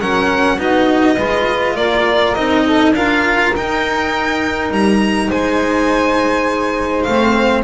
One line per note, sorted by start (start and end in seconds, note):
0.00 0.58 F#3
0.00 0.58 C#4
0.00 0.57 A#4
0.00 0.59 F#5
0.57 1.17 B3
0.57 1.17 D#4
0.57 1.16 F#4
0.57 1.76 D#5
1.16 1.76 G#3
1.16 2.36 F4
1.16 1.75 B4
1.76 2.35 A#3
1.76 2.64 A#4
1.76 2.34 D5
2.34 2.92 C4
2.34 2.95 D#4
2.34 2.93 D#5
2.65 2.94 A4
2.92 3.50 D4
2.92 3.55 F4
2.92 5.29 A#4
2.92 3.54 F5
3.55 7.08 D#4
3.55 4.70 D#4
3.55 4.72 G5
4.70 5.29 G3
4.70 5.30 A#5
5.29 7.06 G#3
5.29 7.63 C5
5.29 7.02 G#5
7.02 7.63 A3
7.02 7.61 F5
7.08 7.63 C4